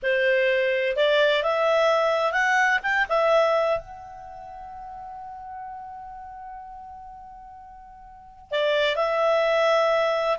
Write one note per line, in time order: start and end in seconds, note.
0.02 0.96 C5
0.96 1.43 D5
1.43 2.32 E5
2.32 2.79 F#5
2.83 3.06 G5
3.08 3.79 E5
3.79 8.51 F#5
8.51 8.96 D5
8.96 10.37 E5